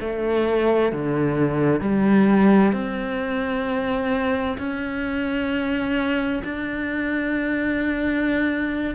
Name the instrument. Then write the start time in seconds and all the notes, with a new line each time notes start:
cello
0.00 A3
0.92 D3
1.81 G3
2.73 C4
4.58 C#4
6.44 D4